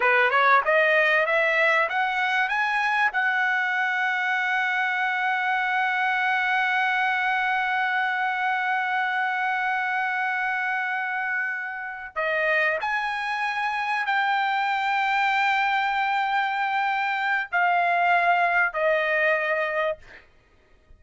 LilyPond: \new Staff \with { instrumentName = "trumpet" } { \time 4/4 \tempo 4 = 96 b'8 cis''8 dis''4 e''4 fis''4 | gis''4 fis''2.~ | fis''1~ | fis''1~ |
fis''2.~ fis''8 dis''8~ | dis''8 gis''2 g''4.~ | g''1 | f''2 dis''2 | }